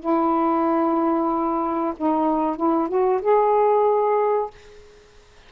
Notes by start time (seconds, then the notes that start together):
0.00 E4
1.96 D#4
2.56 E4
2.88 F#4
3.21 G#4